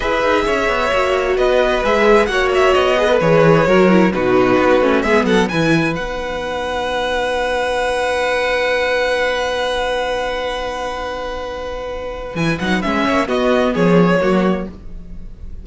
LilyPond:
<<
  \new Staff \with { instrumentName = "violin" } { \time 4/4 \tempo 4 = 131 e''2. dis''4 | e''4 fis''8 e''8 dis''4 cis''4~ | cis''4 b'2 e''8 fis''8 | gis''4 fis''2.~ |
fis''1~ | fis''1~ | fis''2. gis''8 fis''8 | e''4 dis''4 cis''2 | }
  \new Staff \with { instrumentName = "violin" } { \time 4/4 b'4 cis''2 b'4~ | b'4 cis''4. b'4. | ais'4 fis'2 gis'8 a'8 | b'1~ |
b'1~ | b'1~ | b'1~ | b'8 cis''8 fis'4 gis'4 fis'4 | }
  \new Staff \with { instrumentName = "viola" } { \time 4/4 gis'2 fis'2 | gis'4 fis'4. gis'16 a'16 gis'4 | fis'8 e'8 dis'4. cis'8 b4 | e'4 dis'2.~ |
dis'1~ | dis'1~ | dis'2. e'8 dis'8 | cis'4 b2 ais4 | }
  \new Staff \with { instrumentName = "cello" } { \time 4/4 e'8 dis'8 cis'8 b8 ais4 b4 | gis4 ais4 b4 e4 | fis4 b,4 b8 a8 gis8 fis8 | e4 b2.~ |
b1~ | b1~ | b2. e8 fis8 | gis8 ais8 b4 f4 fis4 | }
>>